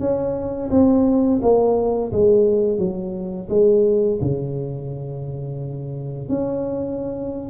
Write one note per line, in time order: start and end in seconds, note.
0.00 0.70 C#4
0.71 1.40 C4
1.42 2.12 A#3
2.12 2.78 G#3
2.78 3.48 F#3
3.49 4.19 G#3
4.21 6.29 C#3
6.29 7.50 C#4